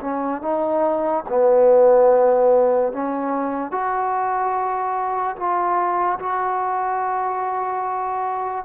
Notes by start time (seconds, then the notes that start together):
0.00 C#4
0.41 D#4
1.29 B3
2.92 C#4
3.71 F#4
5.36 F4
6.19 F#4